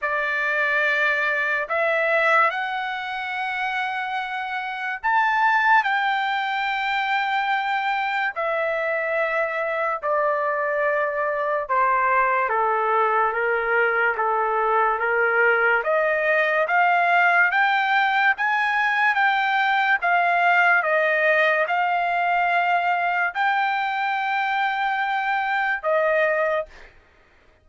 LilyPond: \new Staff \with { instrumentName = "trumpet" } { \time 4/4 \tempo 4 = 72 d''2 e''4 fis''4~ | fis''2 a''4 g''4~ | g''2 e''2 | d''2 c''4 a'4 |
ais'4 a'4 ais'4 dis''4 | f''4 g''4 gis''4 g''4 | f''4 dis''4 f''2 | g''2. dis''4 | }